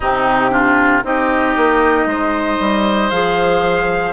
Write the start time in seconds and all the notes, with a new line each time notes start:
0.00 C3 C4 D#4 G4
0.50 D4 F4
1.03 C4 D#4 G4 D#5
1.56 A#3
2.05 G#3 C5
2.59 G3
3.10 F3 G#4 F5